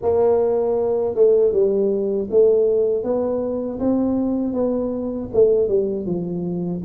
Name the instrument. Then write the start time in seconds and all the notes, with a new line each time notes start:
tuba
0.02 A#3
1.14 A3
1.52 G3
2.30 A3
3.03 B3
3.79 C4
4.53 B3
5.33 A3
5.68 G3
6.06 F3